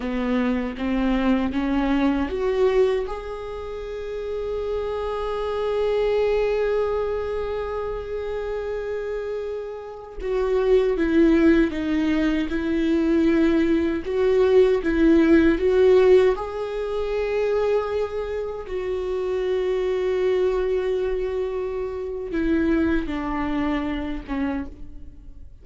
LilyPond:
\new Staff \with { instrumentName = "viola" } { \time 4/4 \tempo 4 = 78 b4 c'4 cis'4 fis'4 | gis'1~ | gis'1~ | gis'4~ gis'16 fis'4 e'4 dis'8.~ |
dis'16 e'2 fis'4 e'8.~ | e'16 fis'4 gis'2~ gis'8.~ | gis'16 fis'2.~ fis'8.~ | fis'4 e'4 d'4. cis'8 | }